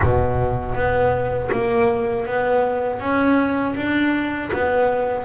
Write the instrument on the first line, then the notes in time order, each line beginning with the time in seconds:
double bass
0.02 B2
0.74 B3
1.52 A#3
2.26 B3
3.00 C#4
3.75 D4
4.52 B3